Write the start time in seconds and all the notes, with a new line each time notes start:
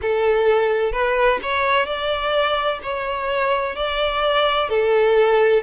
0.01 A4
0.92 B4
1.42 C#5
1.85 D5
2.82 C#5
3.75 D5
4.69 A4